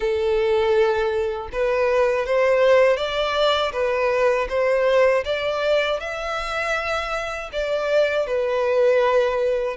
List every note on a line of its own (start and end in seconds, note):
0.00 1.48 A4
1.52 2.26 B4
2.26 2.96 C5
2.96 3.71 D5
3.72 4.47 B4
4.49 5.24 C5
5.25 6.00 D5
6.00 7.50 E5
7.52 8.26 D5
8.26 9.76 B4